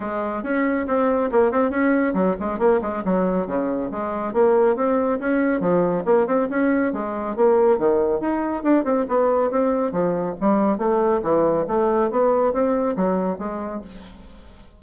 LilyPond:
\new Staff \with { instrumentName = "bassoon" } { \time 4/4 \tempo 4 = 139 gis4 cis'4 c'4 ais8 c'8 | cis'4 fis8 gis8 ais8 gis8 fis4 | cis4 gis4 ais4 c'4 | cis'4 f4 ais8 c'8 cis'4 |
gis4 ais4 dis4 dis'4 | d'8 c'8 b4 c'4 f4 | g4 a4 e4 a4 | b4 c'4 fis4 gis4 | }